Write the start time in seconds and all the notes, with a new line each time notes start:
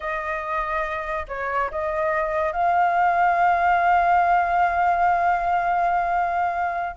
0.00 D#5
1.28 C#5
1.71 D#5
2.52 F5